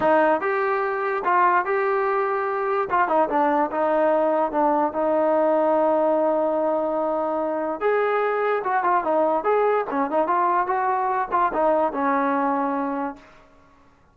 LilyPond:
\new Staff \with { instrumentName = "trombone" } { \time 4/4 \tempo 4 = 146 dis'4 g'2 f'4 | g'2. f'8 dis'8 | d'4 dis'2 d'4 | dis'1~ |
dis'2. gis'4~ | gis'4 fis'8 f'8 dis'4 gis'4 | cis'8 dis'8 f'4 fis'4. f'8 | dis'4 cis'2. | }